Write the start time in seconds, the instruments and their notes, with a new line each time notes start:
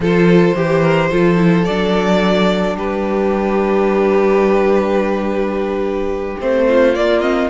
0.00 cello F3, viola F4, violin A4 C5
0.55 cello E3, viola G4, violin G4
0.82 violin A#4
1.09 cello F3, viola F4, violin A4
1.36 viola E4
1.64 cello F#3, viola D4, violin D5
2.75 cello G3, violin G4 B4
6.40 cello A3, viola C4, violin C5
6.68 violin F4
6.94 viola A#3, cello A#3, violin D5
7.20 viola C4, violin D#5